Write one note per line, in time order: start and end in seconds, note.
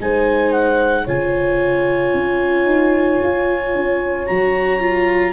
0.00 1.07 G#3
0.00 1.07 D#4
0.00 1.04 C5
0.00 0.53 G#5
0.53 1.06 F#5
1.04 2.14 C#3
1.04 4.27 F4
1.04 5.33 C#5
1.04 4.27 G#5
2.14 2.66 C#4
2.66 3.19 D#4
3.23 3.75 F4
3.75 4.29 C#4
4.27 5.34 F#3
4.27 4.80 F#4
4.27 5.34 A#5
4.80 5.34 F4